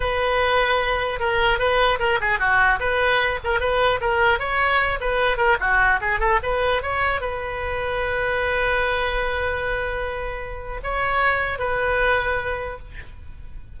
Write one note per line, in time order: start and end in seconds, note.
0.00 1.19 B4
1.19 1.59 A#4
1.59 1.99 B4
1.99 2.19 A#4
2.20 2.39 G#4
2.39 2.79 F#4
2.79 3.39 B4
3.43 3.59 A#4
3.59 3.99 B4
4.01 4.39 A#4
4.39 4.99 C#5
5.00 5.37 B4
5.37 5.57 A#4
5.60 6.00 F#4
6.01 6.19 G#4
6.19 6.39 A4
6.42 6.82 B4
6.82 7.20 C#5
7.20 10.80 B4
10.83 11.58 C#5
11.58 12.78 B4